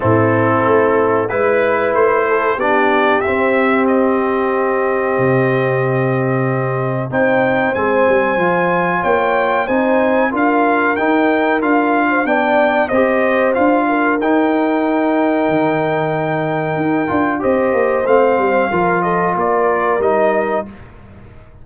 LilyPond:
<<
  \new Staff \with { instrumentName = "trumpet" } { \time 4/4 \tempo 4 = 93 a'2 b'4 c''4 | d''4 e''4 dis''2~ | dis''2. g''4 | gis''2 g''4 gis''4 |
f''4 g''4 f''4 g''4 | dis''4 f''4 g''2~ | g''2. dis''4 | f''4. dis''8 d''4 dis''4 | }
  \new Staff \with { instrumentName = "horn" } { \time 4/4 e'2 b'4. a'8 | g'1~ | g'2. c''4~ | c''2 cis''4 c''4 |
ais'2~ ais'8. c''16 d''4 | c''4. ais'2~ ais'8~ | ais'2. c''4~ | c''4 ais'8 a'8 ais'2 | }
  \new Staff \with { instrumentName = "trombone" } { \time 4/4 c'2 e'2 | d'4 c'2.~ | c'2. dis'4 | c'4 f'2 dis'4 |
f'4 dis'4 f'4 d'4 | g'4 f'4 dis'2~ | dis'2~ dis'8 f'8 g'4 | c'4 f'2 dis'4 | }
  \new Staff \with { instrumentName = "tuba" } { \time 4/4 a,4 a4 gis4 a4 | b4 c'2. | c2. c'4 | gis8 g8 f4 ais4 c'4 |
d'4 dis'4 d'4 b4 | c'4 d'4 dis'2 | dis2 dis'8 d'8 c'8 ais8 | a8 g8 f4 ais4 g4 | }
>>